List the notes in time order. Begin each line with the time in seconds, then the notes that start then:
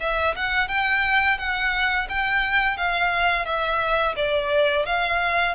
0.00 E5
0.36 F#5
0.68 G5
1.38 F#5
2.09 G5
2.77 F5
3.45 E5
4.16 D5
4.86 F5